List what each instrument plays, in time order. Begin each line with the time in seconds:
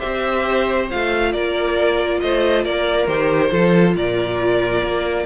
0.00 cello C4, viola G4, violin C5 E5
0.91 cello A3, viola F4, violin F5
1.33 cello A#3, violin A#4 D5
2.21 cello A3, violin C5 D#5
2.65 cello A#3, violin A#4 D5
3.08 cello D#3, viola G4, violin C5
3.50 cello F3, viola F4, violin A4
3.96 cello A#2, violin A#4 D5
4.83 cello A#3